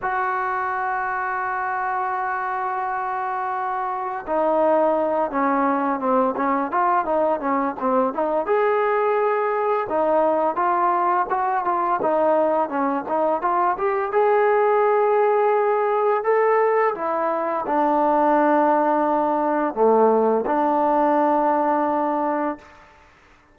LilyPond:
\new Staff \with { instrumentName = "trombone" } { \time 4/4 \tempo 4 = 85 fis'1~ | fis'2 dis'4. cis'8~ | cis'8 c'8 cis'8 f'8 dis'8 cis'8 c'8 dis'8 | gis'2 dis'4 f'4 |
fis'8 f'8 dis'4 cis'8 dis'8 f'8 g'8 | gis'2. a'4 | e'4 d'2. | a4 d'2. | }